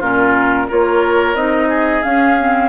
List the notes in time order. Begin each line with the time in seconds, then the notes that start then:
0.00 A#2 C#4 F4 A#4
0.69 A#3 F4 A#4 C#5
1.35 C4 D#4 D#5
1.69 G#4
2.03 C#4 F5
2.40 C4